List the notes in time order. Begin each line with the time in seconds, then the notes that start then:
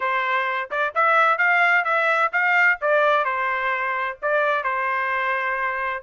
0.00 C5
0.70 D5
0.95 E5
1.37 F5
1.84 E5
2.32 F5
2.81 D5
3.24 C5
4.21 D5
4.63 C5